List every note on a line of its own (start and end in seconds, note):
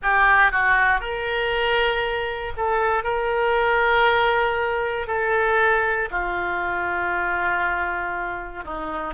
0.02 0.51 G4
0.51 1.00 F#4
1.00 2.52 A#4
2.57 3.03 A4
3.03 5.07 A#4
5.07 6.09 A4
6.10 8.64 F4
8.64 9.13 D#4